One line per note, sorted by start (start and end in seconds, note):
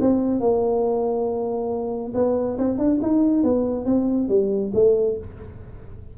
0.00 0.40 C4
0.40 2.12 A#3
2.14 2.57 B3
2.58 2.78 C4
2.78 3.00 D4
3.02 3.43 D#4
3.43 3.85 B3
3.85 4.28 C4
4.29 4.72 G3
4.74 5.17 A3